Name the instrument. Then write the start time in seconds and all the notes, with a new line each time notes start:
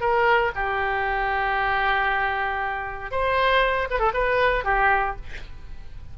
oboe
0.00 A#4
0.55 G4
3.11 C5
3.90 B4
3.99 A4
4.13 B4
4.64 G4